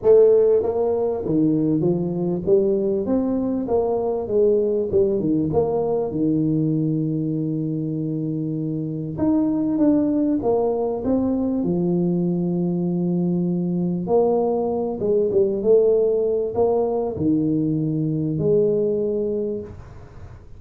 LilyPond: \new Staff \with { instrumentName = "tuba" } { \time 4/4 \tempo 4 = 98 a4 ais4 dis4 f4 | g4 c'4 ais4 gis4 | g8 dis8 ais4 dis2~ | dis2. dis'4 |
d'4 ais4 c'4 f4~ | f2. ais4~ | ais8 gis8 g8 a4. ais4 | dis2 gis2 | }